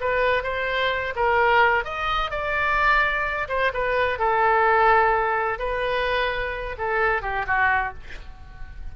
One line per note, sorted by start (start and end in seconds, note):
0.00 0.43 B4
0.43 1.13 C5
1.15 1.84 A#4
1.84 2.30 D#5
2.30 3.48 D5
3.48 3.72 C5
3.74 4.19 B4
4.19 5.59 A4
5.59 6.76 B4
6.78 7.22 A4
7.22 7.45 G4
7.46 7.93 F#4